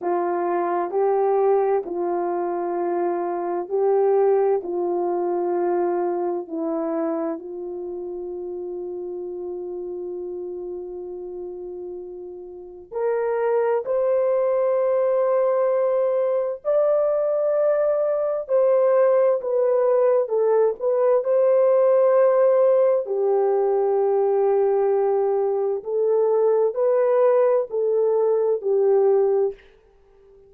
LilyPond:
\new Staff \with { instrumentName = "horn" } { \time 4/4 \tempo 4 = 65 f'4 g'4 f'2 | g'4 f'2 e'4 | f'1~ | f'2 ais'4 c''4~ |
c''2 d''2 | c''4 b'4 a'8 b'8 c''4~ | c''4 g'2. | a'4 b'4 a'4 g'4 | }